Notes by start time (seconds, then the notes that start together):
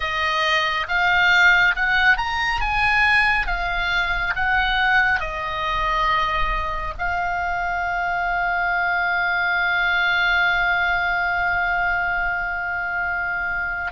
0.00 D#5
0.88 F5
1.75 F#5
2.17 A#5
2.60 G#5
3.47 F5
4.35 F#5
5.20 D#5
6.98 F5